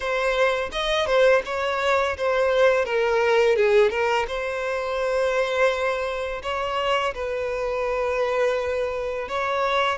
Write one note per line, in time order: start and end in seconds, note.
0.00 0.70 C5
0.72 1.06 D#5
1.06 1.42 C5
1.45 2.16 C#5
2.17 2.85 C5
2.85 3.56 A#4
3.56 3.90 G#4
3.90 4.26 A#4
4.27 6.42 C5
6.42 7.14 C#5
7.14 9.28 B4
9.28 9.98 C#5